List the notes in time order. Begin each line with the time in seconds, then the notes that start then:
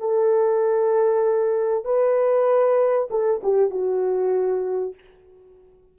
0.00 A4
1.85 B4
3.11 A4
3.44 G4
3.71 F#4